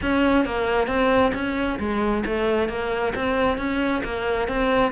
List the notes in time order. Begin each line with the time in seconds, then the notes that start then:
0.02 C#4
0.45 A#3
0.87 C4
1.34 C#4
1.79 G#3
2.25 A3
2.68 A#3
3.15 C4
3.57 C#4
4.04 A#3
4.48 C4